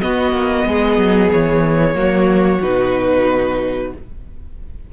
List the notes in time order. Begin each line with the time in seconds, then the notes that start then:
0.00 B3 F#4 D#5
0.31 A#3
0.65 G#3 G#4
0.97 F#3
1.32 E3 C#5
1.94 F#3 A#3 F#4
2.61 B2 D#4 B4